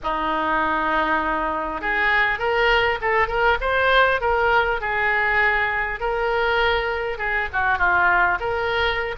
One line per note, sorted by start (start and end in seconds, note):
0.03 1.81 D#4
1.81 2.38 G#4
2.38 2.98 A#4
3.01 3.27 A4
3.27 3.57 A#4
3.60 4.20 C5
4.21 4.81 A#4
4.81 5.99 G#4
5.99 7.18 A#4
7.18 7.48 G#4
7.52 7.78 F#4
7.78 8.38 F4
8.40 9.15 A#4